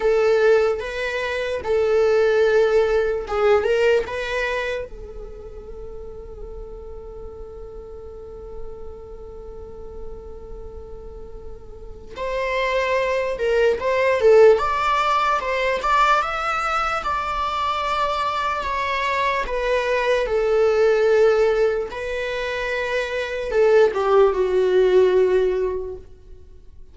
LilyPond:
\new Staff \with { instrumentName = "viola" } { \time 4/4 \tempo 4 = 74 a'4 b'4 a'2 | gis'8 ais'8 b'4 a'2~ | a'1~ | a'2. c''4~ |
c''8 ais'8 c''8 a'8 d''4 c''8 d''8 | e''4 d''2 cis''4 | b'4 a'2 b'4~ | b'4 a'8 g'8 fis'2 | }